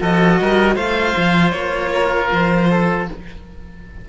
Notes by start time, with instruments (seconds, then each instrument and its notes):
0.00 cello F3 F#4, oboe A4, violin D#5
0.41 cello G3, oboe A#4
0.75 cello A3 F4, oboe C5, violin F5
1.16 cello F3
1.51 cello A#3, violin C#5
1.92 oboe A#4
2.31 cello F3, violin C5
2.70 oboe A4